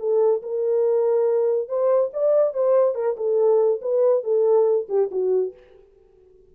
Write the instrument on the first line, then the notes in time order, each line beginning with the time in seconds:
horn
0.00 A4
0.43 A#4
1.69 C5
2.14 D5
2.54 C5
2.95 A#4
3.17 A4
3.82 B4
4.24 A4
4.89 G4
5.12 F#4